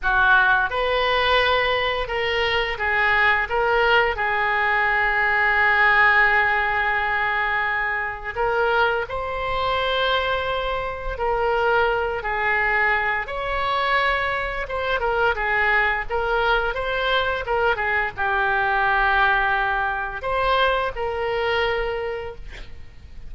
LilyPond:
\new Staff \with { instrumentName = "oboe" } { \time 4/4 \tempo 4 = 86 fis'4 b'2 ais'4 | gis'4 ais'4 gis'2~ | gis'1 | ais'4 c''2. |
ais'4. gis'4. cis''4~ | cis''4 c''8 ais'8 gis'4 ais'4 | c''4 ais'8 gis'8 g'2~ | g'4 c''4 ais'2 | }